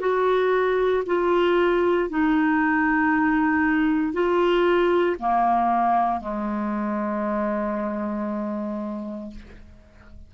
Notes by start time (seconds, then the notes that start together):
0.00 F#4
1.06 F4
2.10 D#4
4.13 F4
5.19 A#3
6.21 G#3